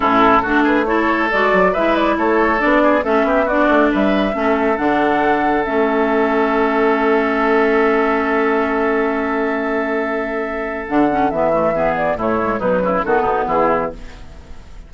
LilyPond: <<
  \new Staff \with { instrumentName = "flute" } { \time 4/4 \tempo 4 = 138 a'4. b'8 cis''4 d''4 | e''8 d''8 cis''4 d''4 e''4 | d''4 e''2 fis''4~ | fis''4 e''2.~ |
e''1~ | e''1~ | e''4 fis''4 e''4. d''8 | cis''4 b'4 a'4 gis'4 | }
  \new Staff \with { instrumentName = "oboe" } { \time 4/4 e'4 fis'8 gis'8 a'2 | b'4 a'4. gis'8 a'8 g'8 | fis'4 b'4 a'2~ | a'1~ |
a'1~ | a'1~ | a'2. gis'4 | e'4 dis'8 e'8 fis'8 dis'8 e'4 | }
  \new Staff \with { instrumentName = "clarinet" } { \time 4/4 cis'4 d'4 e'4 fis'4 | e'2 d'4 cis'4 | d'2 cis'4 d'4~ | d'4 cis'2.~ |
cis'1~ | cis'1~ | cis'4 d'8 cis'8 b8 a8 b4 | a8 gis8 fis4 b2 | }
  \new Staff \with { instrumentName = "bassoon" } { \time 4/4 a,4 a2 gis8 fis8 | gis4 a4 b4 a8 b8~ | b8 a8 g4 a4 d4~ | d4 a2.~ |
a1~ | a1~ | a4 d4 e2 | a,4 b,8 cis8 dis8 b,8 e4 | }
>>